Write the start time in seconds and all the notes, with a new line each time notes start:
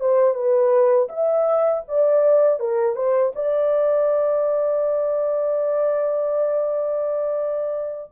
0.00 C5
0.34 B4
1.08 E5
1.88 D5
2.59 A#4
2.96 C5
3.35 D5